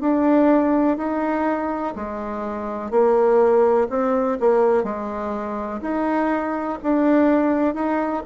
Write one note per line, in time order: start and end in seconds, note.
0.00 0.97 D4
0.97 1.94 D#4
1.95 2.91 G#3
2.91 3.88 A#3
3.89 4.38 C4
4.40 4.83 A#3
4.83 5.80 G#3
5.81 6.78 D#4
6.82 7.74 D4
7.74 8.23 D#4